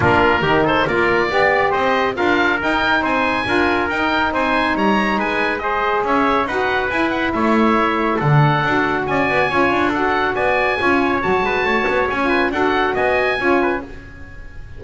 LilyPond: <<
  \new Staff \with { instrumentName = "oboe" } { \time 4/4 \tempo 4 = 139 ais'4. c''8 d''2 | dis''4 f''4 g''4 gis''4~ | gis''4 g''4 gis''4 ais''4 | gis''4 dis''4 e''4 fis''4 |
gis''8 fis''8 e''2 fis''4~ | fis''4 gis''2 fis''4 | gis''2 a''2 | gis''4 fis''4 gis''2 | }
  \new Staff \with { instrumentName = "trumpet" } { \time 4/4 f'4 g'8 a'8 ais'4 d''4 | c''4 ais'2 c''4 | ais'2 c''4 cis''4 | b'4 c''4 cis''4 b'4~ |
b'4 cis''2 a'4~ | a'4 d''4 cis''4 a'4 | d''4 cis''4. b'8 cis''4~ | cis''8 b'8 a'4 dis''4 cis''8 b'8 | }
  \new Staff \with { instrumentName = "saxophone" } { \time 4/4 d'4 dis'4 f'4 g'4~ | g'4 f'4 dis'2 | f'4 dis'2.~ | dis'4 gis'2 fis'4 |
e'2. d'4 | fis'2 f'4 fis'4~ | fis'4 f'4 fis'2~ | fis'16 f'8. fis'2 f'4 | }
  \new Staff \with { instrumentName = "double bass" } { \time 4/4 ais4 dis4 ais4 b4 | c'4 d'4 dis'4 c'4 | d'4 dis'4 c'4 g4 | gis2 cis'4 dis'4 |
e'4 a2 d4 | d'4 cis'8 b8 cis'8 d'4. | b4 cis'4 fis8 gis8 a8 b8 | cis'4 d'4 b4 cis'4 | }
>>